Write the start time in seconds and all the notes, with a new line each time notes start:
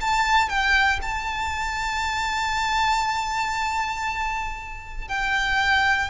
0.00 A5
0.49 G5
1.01 A5
5.08 G5